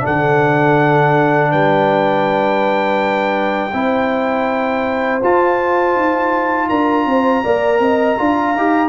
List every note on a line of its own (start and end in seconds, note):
0.00 3.70 D4
0.00 1.51 A4
0.00 1.52 F#5
0.07 1.54 D3
1.51 3.73 G3
1.51 3.73 B4
1.51 5.22 G5
3.73 5.21 C4
3.73 5.22 E4
3.73 6.69 C5
5.23 5.96 F4
5.23 7.45 F4
5.23 6.69 A5
5.96 6.70 D#4
6.69 7.06 D4
6.69 7.06 A#4
6.69 8.89 A#5
7.06 7.43 C4
7.06 7.44 C5
7.44 7.80 A#3
7.44 8.18 A#4
7.44 7.81 D5
7.80 8.17 C4
7.80 8.19 D#5
8.18 8.56 D4
8.18 8.55 F4
8.18 8.89 F5
8.56 8.89 D#4
8.56 8.89 G4